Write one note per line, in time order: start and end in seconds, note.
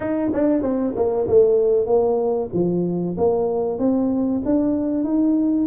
0.00 0.30 D#4
0.33 0.61 D4
0.61 0.93 C4
0.95 1.27 A#3
1.27 1.86 A3
1.86 2.49 A#3
2.53 3.16 F3
3.17 3.79 A#3
3.79 4.42 C4
4.45 5.04 D4
5.04 5.67 D#4